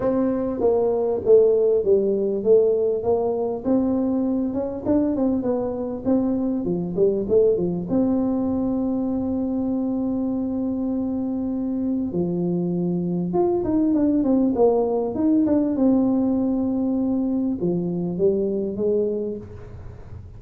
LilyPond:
\new Staff \with { instrumentName = "tuba" } { \time 4/4 \tempo 4 = 99 c'4 ais4 a4 g4 | a4 ais4 c'4. cis'8 | d'8 c'8 b4 c'4 f8 g8 | a8 f8 c'2.~ |
c'1 | f2 f'8 dis'8 d'8 c'8 | ais4 dis'8 d'8 c'2~ | c'4 f4 g4 gis4 | }